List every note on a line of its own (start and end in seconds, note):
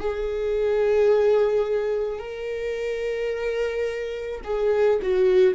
0.00 2.19 G#4
2.19 4.41 A#4
4.44 5.00 G#4
5.02 5.55 F#4